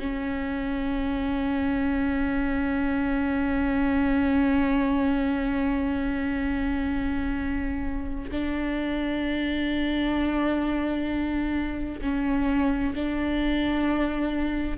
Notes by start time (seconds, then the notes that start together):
0.00 C#4
8.32 D4
12.02 C#4
12.95 D4